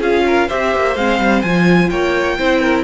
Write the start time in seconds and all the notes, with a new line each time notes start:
0.00 C#4 F4 G#4 F5
0.27 A#4
0.48 C4 G4 C5 E5
0.76 A#3
0.96 G#3 C4 F5
1.19 G3
1.42 F3 F4 G#5
1.90 A#3 C#5 G5
2.38 C4 E4 C5
2.61 A#4